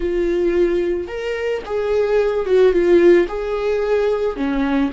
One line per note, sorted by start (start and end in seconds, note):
0.00 1.07 F4
1.07 1.62 A#4
1.65 2.45 G#4
2.45 2.72 F#4
2.72 3.27 F4
3.28 4.36 G#4
4.36 4.91 C#4